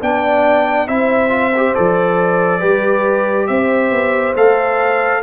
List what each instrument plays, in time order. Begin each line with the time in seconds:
0.00 tuba B3, trombone D4, horn D5, trumpet G5
0.87 tuba C4, trombone E4, horn C5, trumpet E5
1.29 trombone F4
1.56 trombone G4
1.74 tuba F3, trombone A4, trumpet D5
2.59 tuba G3, trombone G4, horn B4
3.47 tuba C4, horn C5, trumpet E5
3.91 tuba B3
4.35 tuba A3, trombone A4, trumpet F5